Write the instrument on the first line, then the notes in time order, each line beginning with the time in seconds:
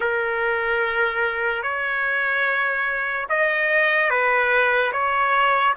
trumpet
0.00 A#4
1.63 C#5
3.29 D#5
4.09 B4
4.92 C#5